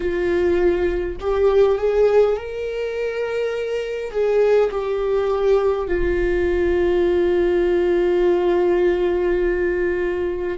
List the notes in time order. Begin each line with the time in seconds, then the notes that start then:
0.00 F4
1.20 G4
1.78 G#4
2.36 A#4
4.11 G#4
4.71 G4
5.87 F4